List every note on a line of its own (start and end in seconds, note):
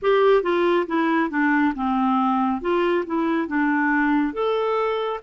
0.02 0.42 G4
0.42 0.86 F4
0.87 1.30 E4
1.30 1.73 D4
1.75 2.61 C4
2.61 3.04 F4
3.06 3.47 E4
3.47 4.33 D4
4.33 5.20 A4